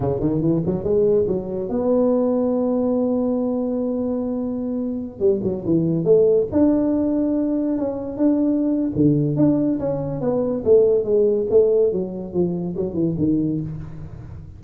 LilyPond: \new Staff \with { instrumentName = "tuba" } { \time 4/4 \tempo 4 = 141 cis8 dis8 e8 fis8 gis4 fis4 | b1~ | b1~ | b16 g8 fis8 e4 a4 d'8.~ |
d'2~ d'16 cis'4 d'8.~ | d'4 d4 d'4 cis'4 | b4 a4 gis4 a4 | fis4 f4 fis8 e8 dis4 | }